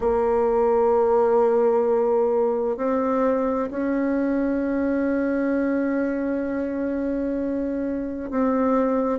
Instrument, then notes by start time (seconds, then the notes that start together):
bassoon
0.00 A#3
2.77 C4
3.70 C#4
8.30 C4